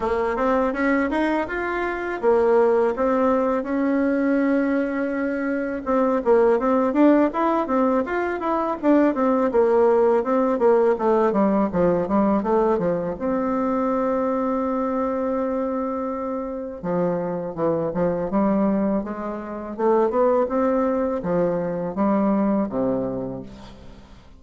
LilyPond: \new Staff \with { instrumentName = "bassoon" } { \time 4/4 \tempo 4 = 82 ais8 c'8 cis'8 dis'8 f'4 ais4 | c'4 cis'2. | c'8 ais8 c'8 d'8 e'8 c'8 f'8 e'8 | d'8 c'8 ais4 c'8 ais8 a8 g8 |
f8 g8 a8 f8 c'2~ | c'2. f4 | e8 f8 g4 gis4 a8 b8 | c'4 f4 g4 c4 | }